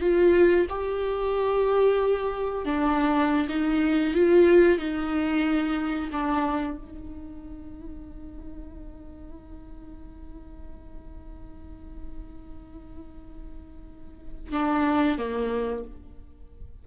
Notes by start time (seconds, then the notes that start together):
0.00 F4
0.69 G4
2.65 D4
3.49 D#4
4.14 F4
4.78 D#4
6.11 D4
6.77 D#4
14.52 D4
15.18 A#3